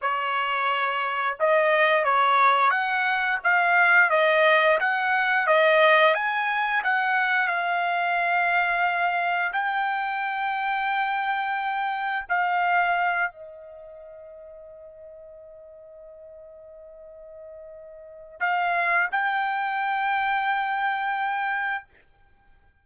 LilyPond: \new Staff \with { instrumentName = "trumpet" } { \time 4/4 \tempo 4 = 88 cis''2 dis''4 cis''4 | fis''4 f''4 dis''4 fis''4 | dis''4 gis''4 fis''4 f''4~ | f''2 g''2~ |
g''2 f''4. dis''8~ | dis''1~ | dis''2. f''4 | g''1 | }